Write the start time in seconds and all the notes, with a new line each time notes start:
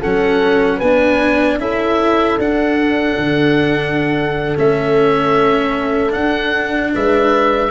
0.00 F#3 C#4 A4 F#5
0.77 B3 D4 B4 G#5
1.58 C#4 E4 A4 E5
2.38 D4 F#5
3.18 D3
4.57 A3 C#4 E5
6.10 D4 F#5
6.94 G#3 B4 E5